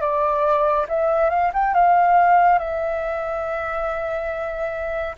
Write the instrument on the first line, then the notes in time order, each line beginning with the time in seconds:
flute
0.00 D5
0.88 E5
1.30 F5
1.53 G5
1.74 F5
2.58 E5